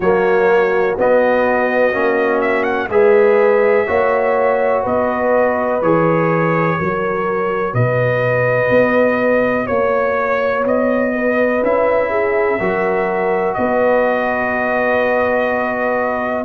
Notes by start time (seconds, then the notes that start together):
0.00 F#3 A#3 F#4 C#5
0.97 B3 D#5
1.92 A#3 C#4
2.41 E5
2.63 F#5
2.88 G#3 G#4 B4 E5
3.86 A#3 F#4 C#5
4.83 B3 B4 D#5
5.81 E3 G#4 C#5
6.79 F#3 F#4 A#4
7.73 B2 B4 D#5
8.70 B3
9.66 A#3 C#5
10.64 B3 D#5
11.15 B4
11.61 C#4 E4 E5
12.09 G#4
12.59 F#3 F#4 A#4
13.54 B3 B4 D#5